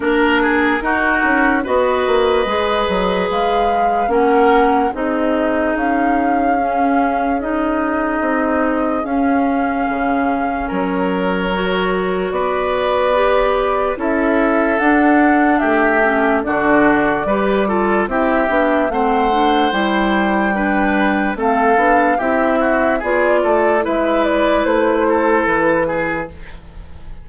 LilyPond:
<<
  \new Staff \with { instrumentName = "flute" } { \time 4/4 \tempo 4 = 73 ais'2 dis''2 | f''4 fis''4 dis''4 f''4~ | f''4 dis''2 f''4~ | f''4 cis''2 d''4~ |
d''4 e''4 fis''4 e''4 | d''2 e''4 fis''4 | g''2 f''4 e''4 | d''4 e''8 d''8 c''4 b'4 | }
  \new Staff \with { instrumentName = "oboe" } { \time 4/4 ais'8 gis'8 fis'4 b'2~ | b'4 ais'4 gis'2~ | gis'1~ | gis'4 ais'2 b'4~ |
b'4 a'2 g'4 | fis'4 b'8 a'8 g'4 c''4~ | c''4 b'4 a'4 g'8 fis'8 | gis'8 a'8 b'4. a'4 gis'8 | }
  \new Staff \with { instrumentName = "clarinet" } { \time 4/4 d'4 dis'4 fis'4 gis'4~ | gis'4 cis'4 dis'2 | cis'4 dis'2 cis'4~ | cis'2 fis'2 |
g'4 e'4 d'4. cis'8 | d'4 g'8 f'8 e'8 d'8 c'8 d'8 | e'4 d'4 c'8 d'8 e'4 | f'4 e'2. | }
  \new Staff \with { instrumentName = "bassoon" } { \time 4/4 ais4 dis'8 cis'8 b8 ais8 gis8 fis8 | gis4 ais4 c'4 cis'4~ | cis'2 c'4 cis'4 | cis4 fis2 b4~ |
b4 cis'4 d'4 a4 | d4 g4 c'8 b8 a4 | g2 a8 b8 c'4 | b8 a8 gis4 a4 e4 | }
>>